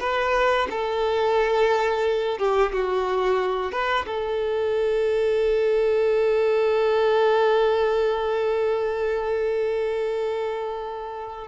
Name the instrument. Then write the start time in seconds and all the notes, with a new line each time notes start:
violin
0.00 B4
0.70 A4
2.38 G4
2.73 F#4
3.72 B4
4.06 A4